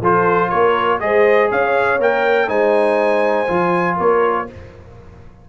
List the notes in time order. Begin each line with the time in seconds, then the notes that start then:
0.00 F3 F4 A4 C5
0.49 A#3 A#4 C#5
1.00 G#3 G#4 C5 D#5
1.50 C#4 C#5 F5
1.99 A#3 A#4 G5
2.48 G#3 D#4 C5 G#5
3.47 F3 F4
3.97 A#3 A#4 C#5